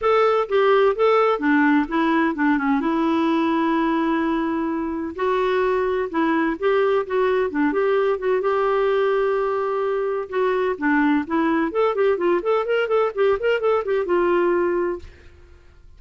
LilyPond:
\new Staff \with { instrumentName = "clarinet" } { \time 4/4 \tempo 4 = 128 a'4 g'4 a'4 d'4 | e'4 d'8 cis'8 e'2~ | e'2. fis'4~ | fis'4 e'4 g'4 fis'4 |
d'8 g'4 fis'8 g'2~ | g'2 fis'4 d'4 | e'4 a'8 g'8 f'8 a'8 ais'8 a'8 | g'8 ais'8 a'8 g'8 f'2 | }